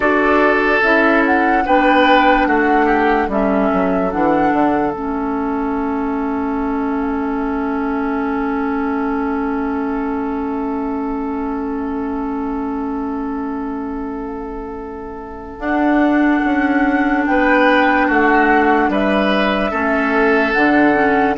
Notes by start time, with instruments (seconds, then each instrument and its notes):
0.00 bassoon D4, clarinet F#4, oboe A4, flute D5
0.82 bassoon C#4, clarinet E4, flute E5
1.25 flute F#5
1.65 bassoon B3, clarinet D4, oboe B4, flute G5
2.46 bassoon A3, oboe F#4, flute F#5
2.85 oboe G4
3.28 bassoon G3, clarinet C#4, oboe A4, flute E5
3.73 bassoon F#3
4.10 bassoon E3, clarinet D4, flute F#5
4.52 bassoon D3
4.91 bassoon A3, clarinet C#4, flute E5
15.58 bassoon D4, clarinet D4, flute F#5
16.44 bassoon C#4
17.26 bassoon B3, oboe B4, flute G5
18.07 bassoon A3, oboe F#4, flute F#5
18.89 bassoon G3, oboe B4, flute E5
19.70 bassoon A3, clarinet C#4, oboe A4
20.52 bassoon D3, clarinet D4, flute F#5
20.94 clarinet C#4